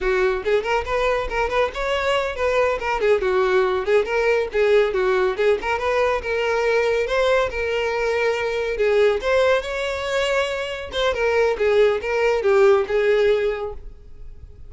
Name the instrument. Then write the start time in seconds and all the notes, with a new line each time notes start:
violin
0.00 F#4
0.44 G#4
0.63 A#4
0.85 B4
1.29 A#4
1.49 B4
1.74 C#5
2.35 B4
2.79 A#4
3.00 G#4
3.21 F#4
3.85 G#4
4.05 A#4
4.52 G#4
4.93 F#4
5.36 G#4
5.61 A#4
5.78 B4
6.22 A#4
7.06 C5
7.50 A#4
8.77 G#4
9.21 C5
9.62 C#5
10.92 C5
11.14 A#4
11.57 G#4
12.01 A#4
12.42 G4
12.87 G#4